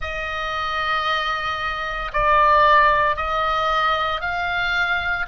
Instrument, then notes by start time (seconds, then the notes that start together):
oboe
0.00 D#5
2.12 D5
3.16 D#5
4.21 F5